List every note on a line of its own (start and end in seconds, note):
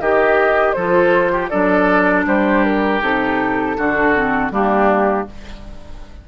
0.00 0.75 D#3
0.00 0.75 G4
0.00 0.77 G4
0.00 0.72 D#5
0.72 1.51 F3
0.72 1.50 F4
0.72 1.32 A4
0.72 1.47 C5
1.32 1.50 G4
1.48 2.26 F#3
1.48 3.00 D4
1.48 2.25 A4
1.48 2.23 D5
2.26 3.01 G3
2.26 3.77 G4
2.26 2.64 C5
2.64 3.02 A#4
3.01 3.76 C3
3.01 3.76 D#4
3.01 4.52 A4
3.77 4.51 D3
3.77 4.14 D4
3.77 4.52 F#4
4.14 4.51 C4
4.51 5.26 G3
4.51 5.26 A#3
4.51 5.27 D4
4.51 5.28 G4